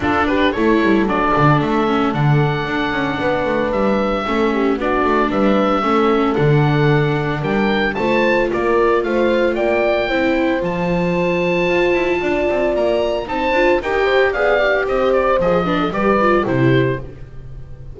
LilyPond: <<
  \new Staff \with { instrumentName = "oboe" } { \time 4/4 \tempo 4 = 113 a'8 b'8 cis''4 d''4 e''4 | fis''2. e''4~ | e''4 d''4 e''2 | fis''2 g''4 a''4 |
d''4 f''4 g''2 | a''1 | ais''4 a''4 g''4 f''4 | dis''8 d''8 dis''4 d''4 c''4 | }
  \new Staff \with { instrumentName = "horn" } { \time 4/4 f'8 g'8 a'2.~ | a'2 b'2 | a'8 g'8 fis'4 b'4 a'4~ | a'2 ais'4 c''4 |
ais'4 c''4 d''4 c''4~ | c''2. d''4~ | d''4 c''4 ais'8 c''8 d''4 | c''4. b'16 a'16 b'4 g'4 | }
  \new Staff \with { instrumentName = "viola" } { \time 4/4 d'4 e'4 d'4. cis'8 | d'1 | cis'4 d'2 cis'4 | d'2. f'4~ |
f'2. e'4 | f'1~ | f'4 dis'8 f'8 g'4 gis'8 g'8~ | g'4 gis'8 d'8 g'8 f'8 e'4 | }
  \new Staff \with { instrumentName = "double bass" } { \time 4/4 d'4 a8 g8 fis8 d8 a4 | d4 d'8 cis'8 b8 a8 g4 | a4 b8 a8 g4 a4 | d2 g4 a4 |
ais4 a4 ais4 c'4 | f2 f'8 e'8 d'8 c'8 | ais4 c'8 d'8 dis'4 b4 | c'4 f4 g4 c4 | }
>>